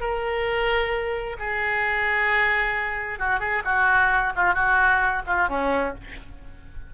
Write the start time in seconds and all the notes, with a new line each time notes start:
0.00 A#4
1.39 G#4
3.19 F#4
3.40 G#4
3.64 F#4
4.36 F4
4.54 F#4
5.26 F4
5.49 C#4